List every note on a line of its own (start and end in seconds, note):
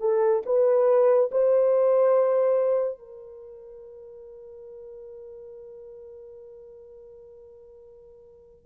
0.00 0.42 A4
0.46 1.30 B4
1.31 2.98 C5
2.98 8.66 A#4